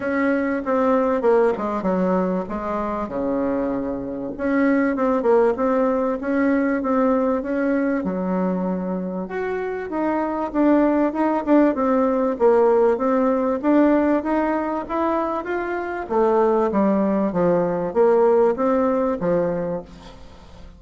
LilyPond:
\new Staff \with { instrumentName = "bassoon" } { \time 4/4 \tempo 4 = 97 cis'4 c'4 ais8 gis8 fis4 | gis4 cis2 cis'4 | c'8 ais8 c'4 cis'4 c'4 | cis'4 fis2 fis'4 |
dis'4 d'4 dis'8 d'8 c'4 | ais4 c'4 d'4 dis'4 | e'4 f'4 a4 g4 | f4 ais4 c'4 f4 | }